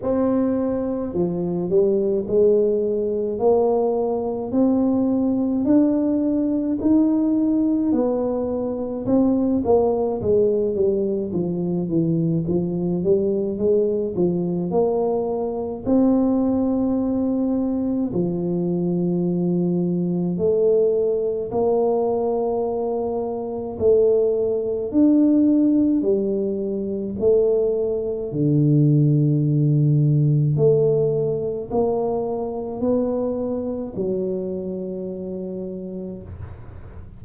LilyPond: \new Staff \with { instrumentName = "tuba" } { \time 4/4 \tempo 4 = 53 c'4 f8 g8 gis4 ais4 | c'4 d'4 dis'4 b4 | c'8 ais8 gis8 g8 f8 e8 f8 g8 | gis8 f8 ais4 c'2 |
f2 a4 ais4~ | ais4 a4 d'4 g4 | a4 d2 a4 | ais4 b4 fis2 | }